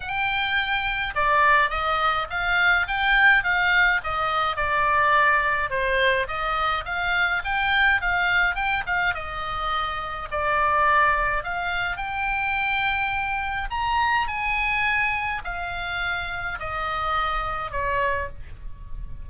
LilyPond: \new Staff \with { instrumentName = "oboe" } { \time 4/4 \tempo 4 = 105 g''2 d''4 dis''4 | f''4 g''4 f''4 dis''4 | d''2 c''4 dis''4 | f''4 g''4 f''4 g''8 f''8 |
dis''2 d''2 | f''4 g''2. | ais''4 gis''2 f''4~ | f''4 dis''2 cis''4 | }